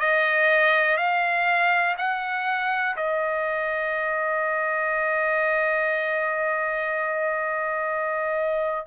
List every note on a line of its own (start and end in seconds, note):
0.00 0.97 D#5
0.97 1.96 F5
1.98 2.96 F#5
2.96 8.87 D#5